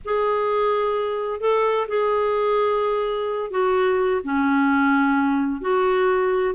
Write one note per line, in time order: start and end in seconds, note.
0.05 1.40 G#4
1.40 1.87 A4
1.88 3.50 G#4
3.50 4.21 F#4
4.24 5.61 C#4
5.61 6.55 F#4